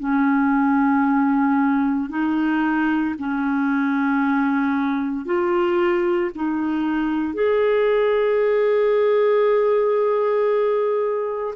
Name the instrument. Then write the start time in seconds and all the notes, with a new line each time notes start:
clarinet
0.00 C#4
2.10 D#4
3.19 C#4
5.26 F4
6.35 D#4
7.34 G#4